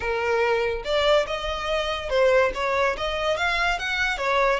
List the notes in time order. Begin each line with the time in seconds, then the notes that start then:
0.00 A#4
0.84 D5
1.26 D#5
2.09 C5
2.54 C#5
2.97 D#5
3.36 F5
3.79 F#5
4.17 C#5